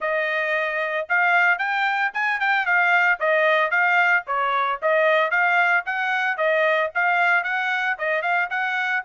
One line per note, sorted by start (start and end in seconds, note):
0.00 1.07 D#5
1.08 1.58 F5
1.58 2.11 G5
2.13 2.39 G#5
2.39 2.65 G5
2.65 3.19 F5
3.19 3.70 D#5
3.70 4.23 F5
4.26 4.79 C#5
4.81 5.30 D#5
5.30 5.83 F5
5.85 6.37 F#5
6.37 6.90 D#5
6.94 7.43 F5
7.43 7.96 F#5
7.98 8.22 D#5
8.22 8.48 F5
8.50 9.03 F#5